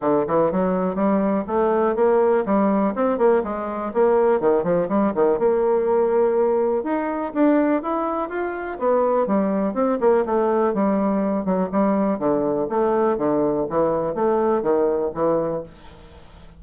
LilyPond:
\new Staff \with { instrumentName = "bassoon" } { \time 4/4 \tempo 4 = 123 d8 e8 fis4 g4 a4 | ais4 g4 c'8 ais8 gis4 | ais4 dis8 f8 g8 dis8 ais4~ | ais2 dis'4 d'4 |
e'4 f'4 b4 g4 | c'8 ais8 a4 g4. fis8 | g4 d4 a4 d4 | e4 a4 dis4 e4 | }